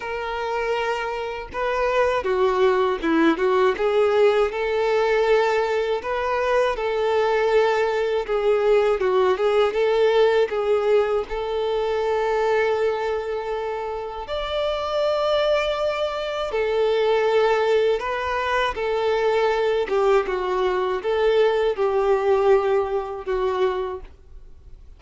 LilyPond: \new Staff \with { instrumentName = "violin" } { \time 4/4 \tempo 4 = 80 ais'2 b'4 fis'4 | e'8 fis'8 gis'4 a'2 | b'4 a'2 gis'4 | fis'8 gis'8 a'4 gis'4 a'4~ |
a'2. d''4~ | d''2 a'2 | b'4 a'4. g'8 fis'4 | a'4 g'2 fis'4 | }